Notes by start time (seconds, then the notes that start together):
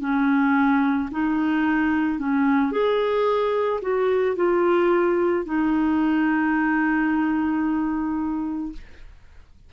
0.00 C#4
1.11 D#4
2.19 C#4
2.71 G#4
3.82 F#4
4.36 F4
5.45 D#4